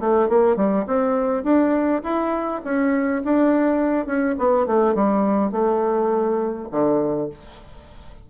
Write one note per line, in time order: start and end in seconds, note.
0.00 0.29 A3
0.29 0.56 A#3
0.56 0.86 G3
0.87 1.44 C4
1.44 2.02 D4
2.03 2.62 E4
2.65 3.23 C#4
3.25 4.07 D4
4.07 4.36 C#4
4.39 4.67 B3
4.67 4.95 A3
4.95 5.52 G3
5.52 6.68 A3
6.71 7.30 D3